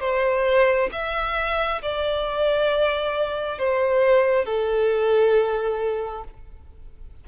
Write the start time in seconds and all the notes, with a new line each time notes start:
0.00 C5
0.92 E5
1.82 D5
3.59 C5
4.45 A4